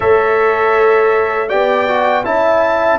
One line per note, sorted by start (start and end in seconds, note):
0.00 1.52 A3
0.00 1.48 A4
0.00 1.48 C#5
0.00 1.48 E5
1.48 2.25 B3
1.48 1.87 G4
1.48 2.23 D5
1.48 2.23 G5
1.87 2.24 F#4
2.24 2.99 C#4
2.24 2.99 E4
2.24 2.99 E5
2.24 2.99 A5